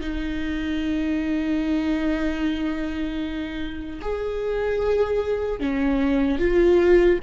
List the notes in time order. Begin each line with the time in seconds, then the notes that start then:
0.00 D#4
4.01 G#4
5.60 C#4
6.39 F4